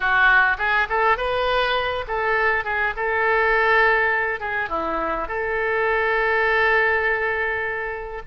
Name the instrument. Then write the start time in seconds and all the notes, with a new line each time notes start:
oboe
0.00 F#4
0.58 G#4
0.89 A4
1.17 B4
2.07 A4
2.64 G#4
2.96 A4
4.40 G#4
4.69 E4
5.28 A4